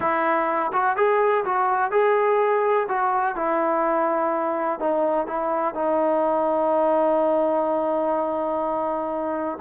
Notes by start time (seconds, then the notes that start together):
0.00 E4
0.72 F#4
0.96 G#4
1.44 F#4
1.91 G#4
2.88 F#4
3.35 E4
4.79 D#4
5.26 E4
5.74 D#4